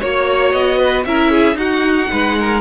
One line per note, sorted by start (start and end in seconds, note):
0.00 0.53 A#3
0.00 1.06 F#4
0.00 0.51 C#5
0.00 0.78 C#5
0.51 1.05 B3
0.51 1.04 D#5
0.78 1.04 B4
1.05 1.54 C#4
1.05 1.55 E4
1.05 1.30 A#4
1.05 1.57 E5
1.30 1.57 G#4
1.54 2.07 D#4
1.54 2.60 D#4
1.54 2.11 F#4
1.54 2.60 F#5
2.11 2.60 G#3
2.11 2.38 B4
2.39 2.60 A#4